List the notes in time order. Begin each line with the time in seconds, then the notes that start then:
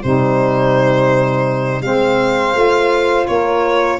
0.00 C3 G3 D#4 C5
1.81 G#3 C4 C5 F5
2.54 A3 F4
3.27 A#3 A#4 C#5